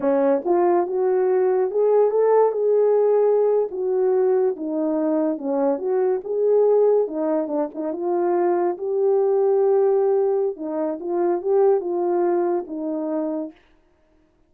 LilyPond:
\new Staff \with { instrumentName = "horn" } { \time 4/4 \tempo 4 = 142 cis'4 f'4 fis'2 | gis'4 a'4 gis'2~ | gis'8. fis'2 dis'4~ dis'16~ | dis'8. cis'4 fis'4 gis'4~ gis'16~ |
gis'8. dis'4 d'8 dis'8 f'4~ f'16~ | f'8. g'2.~ g'16~ | g'4 dis'4 f'4 g'4 | f'2 dis'2 | }